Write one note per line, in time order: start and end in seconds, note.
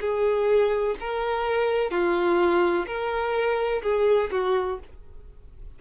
0.00 0.95 G#4
1.00 1.91 A#4
1.91 2.86 F4
2.87 3.82 A#4
3.82 4.30 G#4
4.31 4.79 F#4